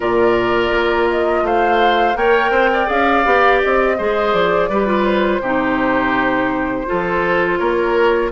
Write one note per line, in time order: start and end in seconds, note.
0.00 0.70 A#2
0.00 2.15 F4
0.00 1.43 A#4
0.00 1.09 D5
0.70 1.42 A#3
1.10 1.46 D#5
1.42 2.14 A3
1.42 2.17 C5
1.42 2.16 F5
2.15 2.50 A#3
2.15 2.86 A#4
2.15 2.51 C#5
2.15 2.89 G5
2.50 2.86 C4
2.50 2.69 C5
2.72 3.97 D5
2.86 3.25 C#4
2.86 3.22 G#4
2.86 3.61 F5
3.24 3.61 B3
3.24 3.97 G4
3.61 3.99 C4
3.61 4.34 D#5
3.97 4.33 G#3
3.97 4.70 G#4
3.97 4.69 C5
4.33 4.69 F3
4.33 5.05 D5
4.69 5.41 G3
4.69 4.86 G4
4.69 5.41 B4
4.86 5.40 F4
5.05 7.57 C5
5.41 6.85 C3
5.41 6.85 D#4
5.41 6.86 G4
6.85 8.30 F4
6.85 7.59 A4
6.92 7.60 F3
7.57 8.31 A#3
7.57 8.31 A#4
7.57 8.30 C#5